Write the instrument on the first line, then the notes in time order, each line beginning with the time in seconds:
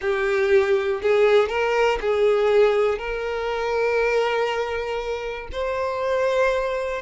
violin
0.01 G4
1.01 G#4
1.48 A#4
2.00 G#4
2.98 A#4
5.51 C5